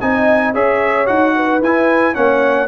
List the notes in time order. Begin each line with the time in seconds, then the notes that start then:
0.00 C4 D#4 D#5 G#5
0.54 C#4 G#4 C#5 E5
1.06 D#4 F#4 F#5
1.36 B4
1.62 E4 G#5
2.14 A#3 C#4 C#5 F#5